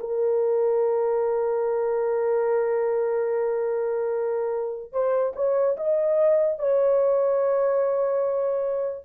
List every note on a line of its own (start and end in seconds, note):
0.00 4.92 A#4
4.92 5.33 C5
5.35 5.76 C#5
5.77 6.59 D#5
6.59 9.04 C#5